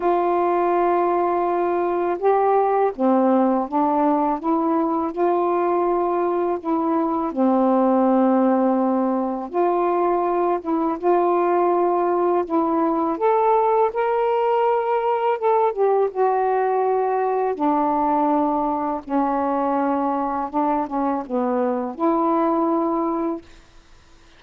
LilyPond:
\new Staff \with { instrumentName = "saxophone" } { \time 4/4 \tempo 4 = 82 f'2. g'4 | c'4 d'4 e'4 f'4~ | f'4 e'4 c'2~ | c'4 f'4. e'8 f'4~ |
f'4 e'4 a'4 ais'4~ | ais'4 a'8 g'8 fis'2 | d'2 cis'2 | d'8 cis'8 b4 e'2 | }